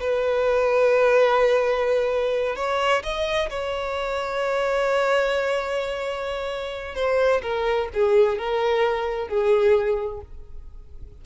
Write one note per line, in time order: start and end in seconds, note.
0.00 2.56 B4
2.56 3.02 C#5
3.03 3.49 D#5
3.49 6.95 C#5
6.95 7.41 C5
7.42 7.88 A#4
7.93 8.38 G#4
8.38 9.28 A#4
9.28 10.21 G#4